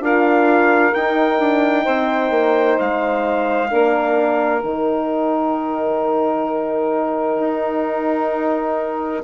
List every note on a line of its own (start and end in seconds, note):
0.00 0.92 D4
0.00 0.94 F4
0.00 1.84 A#4
0.00 0.95 F5
0.95 1.39 D#4
0.95 3.71 D#4
0.95 2.79 G5
1.39 1.86 D4
1.84 2.31 C4
1.84 3.69 C5
2.31 2.77 A#3
2.80 3.72 G#3
2.80 4.63 F5
3.71 4.63 A#3
3.71 4.63 D4
3.71 9.24 A#4
4.63 7.40 D#3
4.63 9.24 D#4
4.63 9.24 G5
7.40 9.24 D#4